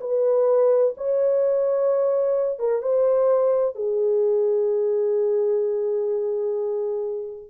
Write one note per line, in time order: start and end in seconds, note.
0.00 0.94 B4
0.97 2.59 C#5
2.59 2.81 A#4
2.81 3.75 C5
3.75 7.50 G#4